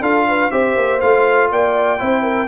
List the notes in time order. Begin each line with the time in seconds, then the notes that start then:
0.00 D4 F4 A4 F5
0.28 B4
0.51 C4 G4 C5 E5
0.77 A#3
1.00 A3 F4 F5
1.51 A#3 D5 G5
1.98 C4 E4 C5
2.23 A#4